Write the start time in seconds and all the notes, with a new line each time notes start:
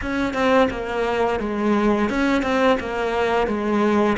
0.01 C#4
0.33 C4
0.70 A#3
1.39 G#3
2.09 C#4
2.42 C4
2.79 A#3
3.47 G#3